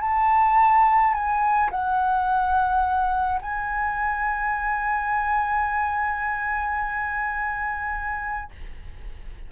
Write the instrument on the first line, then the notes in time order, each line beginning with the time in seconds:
flute
0.00 A5
1.13 G#5
1.70 F#5
3.41 G#5